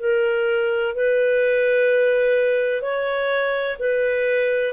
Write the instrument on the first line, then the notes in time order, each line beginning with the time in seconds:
clarinet
0.00 A#4
0.95 B4
2.82 C#5
3.80 B4